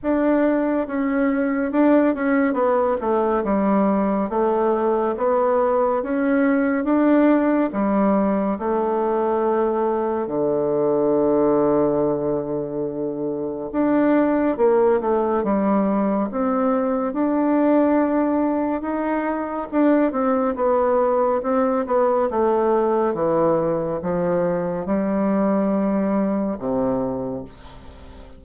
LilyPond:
\new Staff \with { instrumentName = "bassoon" } { \time 4/4 \tempo 4 = 70 d'4 cis'4 d'8 cis'8 b8 a8 | g4 a4 b4 cis'4 | d'4 g4 a2 | d1 |
d'4 ais8 a8 g4 c'4 | d'2 dis'4 d'8 c'8 | b4 c'8 b8 a4 e4 | f4 g2 c4 | }